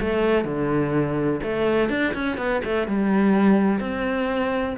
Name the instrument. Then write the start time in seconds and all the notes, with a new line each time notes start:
cello
0.00 A3
0.44 D3
1.43 A3
1.89 D4
2.14 C#4
2.37 B3
2.64 A3
2.87 G3
3.79 C4